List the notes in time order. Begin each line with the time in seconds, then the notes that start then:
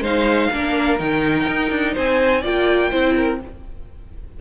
0.00 G#3 D#4 C5 F5
0.52 A#3 D4 A#4
0.99 D#3 D#4 G5
1.48 D#4
1.70 D4
1.93 C4 C5 G#5
2.41 A#3 F4 D5 G5
2.91 C4 E4 C5
3.16 A#4